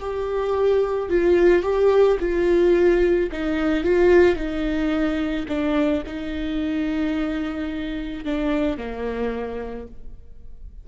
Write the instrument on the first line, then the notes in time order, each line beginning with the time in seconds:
viola
0.00 G4
1.10 F4
1.63 G4
2.20 F4
3.32 D#4
3.84 F4
4.36 D#4
5.48 D4
6.06 D#4
8.24 D4
8.77 A#3